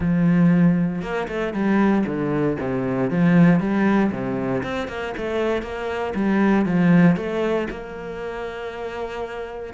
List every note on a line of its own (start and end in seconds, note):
0.00 1.02 F3
1.02 1.27 A#3
1.28 1.53 A3
1.53 2.04 G3
2.06 2.57 D3
2.60 3.10 C3
3.10 3.59 F3
3.59 4.11 G3
4.11 4.62 C3
4.63 4.88 C4
4.88 5.13 A#3
5.17 5.62 A3
5.62 6.13 A#3
6.14 6.65 G3
6.65 7.16 F3
7.16 7.67 A3
7.70 9.73 A#3